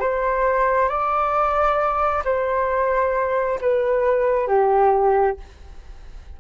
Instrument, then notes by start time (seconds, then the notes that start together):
flute
0.00 C5
0.88 D5
2.24 C5
3.61 B4
4.47 G4